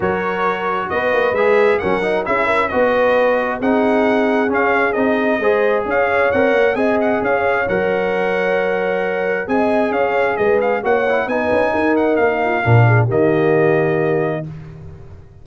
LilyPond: <<
  \new Staff \with { instrumentName = "trumpet" } { \time 4/4 \tempo 4 = 133 cis''2 dis''4 e''4 | fis''4 e''4 dis''2 | fis''2 f''4 dis''4~ | dis''4 f''4 fis''4 gis''8 fis''8 |
f''4 fis''2.~ | fis''4 gis''4 f''4 dis''8 f''8 | fis''4 gis''4. fis''8 f''4~ | f''4 dis''2. | }
  \new Staff \with { instrumentName = "horn" } { \time 4/4 ais'2 b'2 | ais'4 gis'8 ais'8 b'2 | gis'1 | c''4 cis''2 dis''4 |
cis''1~ | cis''4 dis''4 cis''4 b'4 | cis''4 b'4 ais'4. f'8 | ais'8 gis'8 g'2. | }
  \new Staff \with { instrumentName = "trombone" } { \time 4/4 fis'2. gis'4 | cis'8 dis'8 e'4 fis'2 | dis'2 cis'4 dis'4 | gis'2 ais'4 gis'4~ |
gis'4 ais'2.~ | ais'4 gis'2. | fis'8 e'8 dis'2. | d'4 ais2. | }
  \new Staff \with { instrumentName = "tuba" } { \time 4/4 fis2 b8 ais8 gis4 | fis4 cis'4 b2 | c'2 cis'4 c'4 | gis4 cis'4 c'8 ais8 c'4 |
cis'4 fis2.~ | fis4 c'4 cis'4 gis4 | ais4 b8 cis'8 dis'4 ais4 | ais,4 dis2. | }
>>